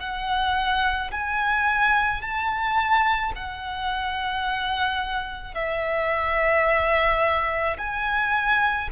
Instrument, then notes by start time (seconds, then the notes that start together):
violin
0.00 F#5
1.12 G#5
2.22 A5
3.36 F#5
5.55 E5
7.78 G#5